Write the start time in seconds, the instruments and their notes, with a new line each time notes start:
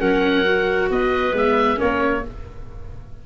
0.00 tuba F#3, viola C#4, clarinet A#4, oboe F#5
0.45 viola F#4
0.91 tuba B3, clarinet B4, oboe D#5
1.34 tuba G#3, viola B3, oboe E5
1.76 tuba A#3, viola C#4, clarinet A#4, oboe C#5